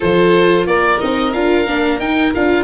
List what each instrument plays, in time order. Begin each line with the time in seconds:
0.00 tuba F3, viola F4, violin A4, oboe C5
0.66 tuba A#3, violin A#4, oboe D5
0.99 tuba C4, viola D#4, oboe D#5
1.32 tuba D4, viola F4, oboe F5
1.66 tuba A#3, viola D4
1.99 tuba D#4, viola D#4, oboe G5
2.34 tuba D4, viola F4, oboe F5